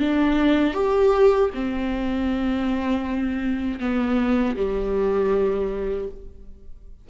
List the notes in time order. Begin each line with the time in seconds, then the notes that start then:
0.00 D4
0.74 G4
1.55 C4
3.80 B3
4.57 G3